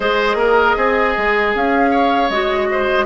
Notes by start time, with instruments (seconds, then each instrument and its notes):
0.00 bassoon G#3, clarinet G#4, oboe C5, flute D#5
0.34 bassoon A#3, oboe A#4
0.76 bassoon C4, oboe G#4
1.17 bassoon G#3
1.54 bassoon C#4, flute F5
1.91 oboe C#5
2.29 bassoon G#3, clarinet F#4, flute D#5
2.71 oboe C5